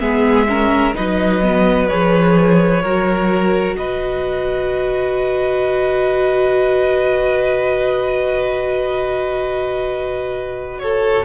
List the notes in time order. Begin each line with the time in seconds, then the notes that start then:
0.00 G#3 B3 G#4 E5
0.49 C#4 A#4
0.95 F#3 D#4 B4 D#5
1.42 B3
1.88 F3 G#4 C#5
2.83 F#3 F#4 A#4
3.76 B2 B4 D#5
10.79 A4 C#5